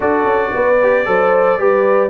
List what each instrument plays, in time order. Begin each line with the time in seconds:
0.00 tuba D4, trombone F#4, horn A4, trumpet D5
0.24 tuba C#4
0.53 tuba B3, horn B4
0.82 trombone G4
1.05 tuba F#3, trombone A4, horn C5
1.59 tuba G3, trombone G4, horn B4